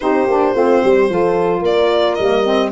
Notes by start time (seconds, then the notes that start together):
0.00 C4 D#4 G4 C5
0.26 A#3 D4
0.53 A3 C4 F4
0.82 G3 G4
1.09 F3 F4 A4
1.60 A#3 A#4 D5
2.14 G3 A#3 D#5
2.45 C4